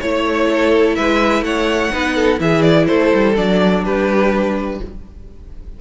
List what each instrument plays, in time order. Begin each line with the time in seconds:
0.00 cello A3, viola E4, violin C#5
0.51 violin A4
0.96 cello G#3, violin B4 E5
1.42 cello A3, violin C#5 F#5
1.92 cello B3, viola D#4, violin B4
2.16 violin A4
2.38 cello E3, viola E4, violin G#4 E5
2.62 violin D5
2.88 cello A3, violin A4 C5
3.15 cello G3
3.36 cello F#3, viola D4, violin D5
3.84 cello G3, violin G4 B4